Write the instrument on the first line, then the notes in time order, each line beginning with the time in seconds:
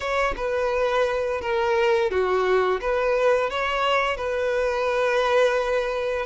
violin
0.00 C#5
0.36 B4
1.41 A#4
2.10 F#4
2.80 B4
3.49 C#5
4.16 B4